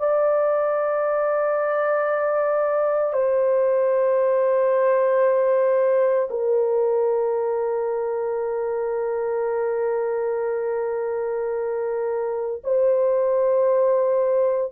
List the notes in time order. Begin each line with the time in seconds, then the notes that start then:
0.00 D5
3.13 C5
6.31 A#4
12.64 C5